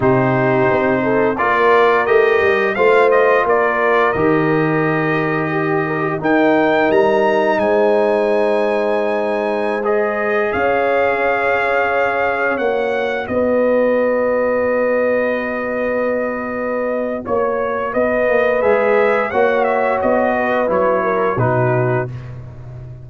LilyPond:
<<
  \new Staff \with { instrumentName = "trumpet" } { \time 4/4 \tempo 4 = 87 c''2 d''4 dis''4 | f''8 dis''8 d''4 dis''2~ | dis''4 g''4 ais''4 gis''4~ | gis''2~ gis''16 dis''4 f''8.~ |
f''2~ f''16 fis''4 dis''8.~ | dis''1~ | dis''4 cis''4 dis''4 e''4 | fis''8 e''8 dis''4 cis''4 b'4 | }
  \new Staff \with { instrumentName = "horn" } { \time 4/4 g'4. a'8 ais'2 | c''4 ais'2. | g'8 ais'16 g'16 ais'2 c''4~ | c''2.~ c''16 cis''8.~ |
cis''2.~ cis''16 b'8.~ | b'1~ | b'4 cis''4 b'2 | cis''4. b'4 ais'8 fis'4 | }
  \new Staff \with { instrumentName = "trombone" } { \time 4/4 dis'2 f'4 g'4 | f'2 g'2~ | g'4 dis'2.~ | dis'2~ dis'16 gis'4.~ gis'16~ |
gis'2~ gis'16 fis'4.~ fis'16~ | fis'1~ | fis'2. gis'4 | fis'2 e'4 dis'4 | }
  \new Staff \with { instrumentName = "tuba" } { \time 4/4 c4 c'4 ais4 a8 g8 | a4 ais4 dis2~ | dis4 dis'4 g4 gis4~ | gis2.~ gis16 cis'8.~ |
cis'2~ cis'16 ais4 b8.~ | b1~ | b4 ais4 b8 ais8 gis4 | ais4 b4 fis4 b,4 | }
>>